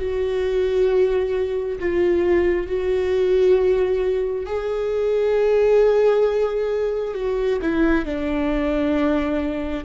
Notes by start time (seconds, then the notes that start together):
0.00 F#4
1.80 F4
2.67 F#4
4.46 G#4
7.15 F#4
7.62 E4
8.06 D4